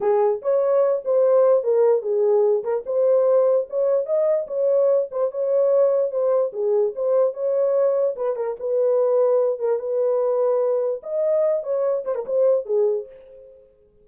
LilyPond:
\new Staff \with { instrumentName = "horn" } { \time 4/4 \tempo 4 = 147 gis'4 cis''4. c''4. | ais'4 gis'4. ais'8 c''4~ | c''4 cis''4 dis''4 cis''4~ | cis''8 c''8 cis''2 c''4 |
gis'4 c''4 cis''2 | b'8 ais'8 b'2~ b'8 ais'8 | b'2. dis''4~ | dis''8 cis''4 c''16 ais'16 c''4 gis'4 | }